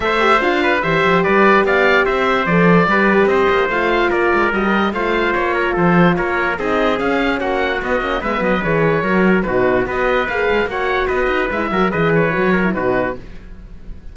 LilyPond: <<
  \new Staff \with { instrumentName = "oboe" } { \time 4/4 \tempo 4 = 146 e''4 f''4 e''4 d''4 | f''4 e''4 d''2 | dis''4 f''4 d''4 dis''4 | f''4 cis''4 c''4 cis''4 |
dis''4 f''4 fis''4 dis''4 | e''8 dis''8 cis''2 b'4 | dis''4 f''4 fis''4 dis''4 | e''4 dis''8 cis''4. b'4 | }
  \new Staff \with { instrumentName = "trumpet" } { \time 4/4 c''4. b'8 c''4 b'4 | d''4 c''2 b'4 | c''2 ais'2 | c''4. ais'8 a'4 ais'4 |
gis'2 fis'2 | b'2 ais'4 fis'4 | b'2 cis''4 b'4~ | b'8 ais'8 b'4. ais'8 fis'4 | }
  \new Staff \with { instrumentName = "horn" } { \time 4/4 a'8 g'8 f'4 g'2~ | g'2 a'4 g'4~ | g'4 f'2 fis'16 g'8. | f'1 |
dis'4 cis'2 b8 cis'8 | b4 gis'4 fis'4 dis'4 | fis'4 gis'4 fis'2 | e'8 fis'8 gis'4 fis'8. e'16 dis'4 | }
  \new Staff \with { instrumentName = "cello" } { \time 4/4 a4 d'4 e8 f8 g4 | b4 c'4 f4 g4 | c'8 ais8 a4 ais8 gis8 g4 | a4 ais4 f4 ais4 |
c'4 cis'4 ais4 b8 ais8 | gis8 fis8 e4 fis4 b,4 | b4 ais8 gis8 ais4 b8 dis'8 | gis8 fis8 e4 fis4 b,4 | }
>>